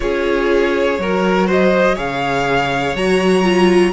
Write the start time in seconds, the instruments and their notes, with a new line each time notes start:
0.00 cello C#4, viola F4, violin G#4 C#5
0.98 cello F#3, viola F#4, violin A#4
1.47 violin C5 D#5
1.94 cello C#3, viola G#4, violin C#5 F5
2.94 cello F#3, viola F#4, violin A#5
3.42 viola F4